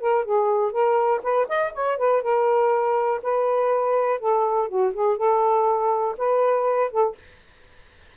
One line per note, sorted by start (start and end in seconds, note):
0.00 0.25 A#4
0.25 0.72 G#4
0.72 1.21 A#4
1.23 1.47 B4
1.48 1.73 D#5
1.74 1.98 C#5
1.98 2.22 B4
2.23 3.21 A#4
3.22 4.20 B4
4.20 4.68 A4
4.68 4.93 F#4
4.93 5.17 G#4
5.17 6.16 A4
6.18 6.91 B4
6.91 7.16 A4